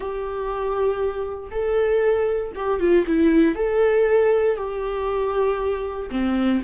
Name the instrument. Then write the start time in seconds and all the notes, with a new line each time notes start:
viola
0.00 G4
1.51 A4
2.55 G4
2.79 F4
3.06 E4
3.55 A4
4.56 G4
6.11 C4